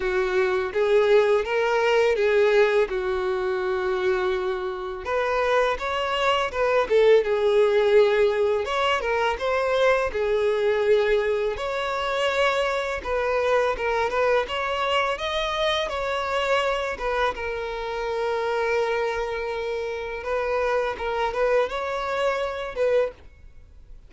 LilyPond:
\new Staff \with { instrumentName = "violin" } { \time 4/4 \tempo 4 = 83 fis'4 gis'4 ais'4 gis'4 | fis'2. b'4 | cis''4 b'8 a'8 gis'2 | cis''8 ais'8 c''4 gis'2 |
cis''2 b'4 ais'8 b'8 | cis''4 dis''4 cis''4. b'8 | ais'1 | b'4 ais'8 b'8 cis''4. b'8 | }